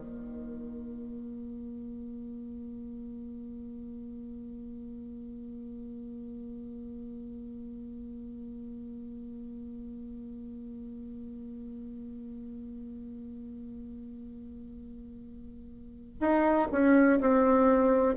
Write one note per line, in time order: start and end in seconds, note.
0.00 16.19 A#3
16.21 16.68 D#4
16.72 17.20 C#4
17.20 18.16 C4